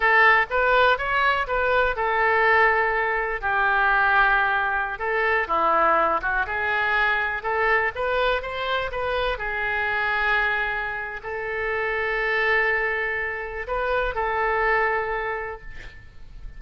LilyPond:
\new Staff \with { instrumentName = "oboe" } { \time 4/4 \tempo 4 = 123 a'4 b'4 cis''4 b'4 | a'2. g'4~ | g'2~ g'16 a'4 e'8.~ | e'8. fis'8 gis'2 a'8.~ |
a'16 b'4 c''4 b'4 gis'8.~ | gis'2. a'4~ | a'1 | b'4 a'2. | }